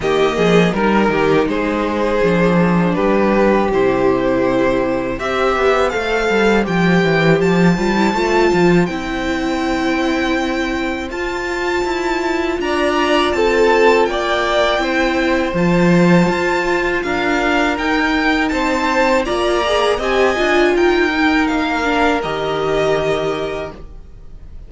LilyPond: <<
  \new Staff \with { instrumentName = "violin" } { \time 4/4 \tempo 4 = 81 dis''4 ais'4 c''2 | b'4 c''2 e''4 | f''4 g''4 a''2 | g''2. a''4~ |
a''4 ais''4 a''4 g''4~ | g''4 a''2 f''4 | g''4 a''4 ais''4 gis''4 | g''4 f''4 dis''2 | }
  \new Staff \with { instrumentName = "violin" } { \time 4/4 g'8 gis'8 ais'8 g'8 gis'2 | g'2. c''4~ | c''1~ | c''1~ |
c''4 d''4 a'4 d''4 | c''2. ais'4~ | ais'4 c''4 d''4 dis''4 | ais'1 | }
  \new Staff \with { instrumentName = "viola" } { \time 4/4 ais4 dis'2 d'4~ | d'4 e'2 g'4 | a'4 g'4. f'16 e'16 f'4 | e'2. f'4~ |
f'1 | e'4 f'2. | dis'2 f'8 gis'8 g'8 f'8~ | f'8 dis'4 d'8 g'2 | }
  \new Staff \with { instrumentName = "cello" } { \time 4/4 dis8 f8 g8 dis8 gis4 f4 | g4 c2 c'8 b8 | a8 g8 f8 e8 f8 g8 a8 f8 | c'2. f'4 |
e'4 d'4 c'4 ais4 | c'4 f4 f'4 d'4 | dis'4 c'4 ais4 c'8 d'8 | dis'4 ais4 dis2 | }
>>